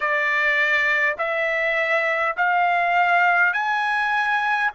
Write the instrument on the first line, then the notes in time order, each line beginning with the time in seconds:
trumpet
0.00 D5
1.18 E5
2.36 F5
3.53 G#5